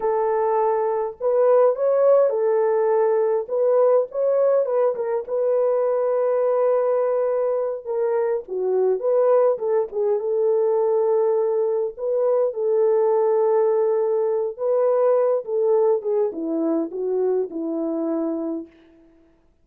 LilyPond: \new Staff \with { instrumentName = "horn" } { \time 4/4 \tempo 4 = 103 a'2 b'4 cis''4 | a'2 b'4 cis''4 | b'8 ais'8 b'2.~ | b'4. ais'4 fis'4 b'8~ |
b'8 a'8 gis'8 a'2~ a'8~ | a'8 b'4 a'2~ a'8~ | a'4 b'4. a'4 gis'8 | e'4 fis'4 e'2 | }